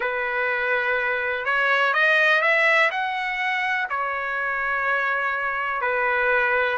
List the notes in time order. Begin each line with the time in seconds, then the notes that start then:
0.00 B4
1.45 C#5
1.94 D#5
2.41 E5
2.90 F#5
3.89 C#5
5.81 B4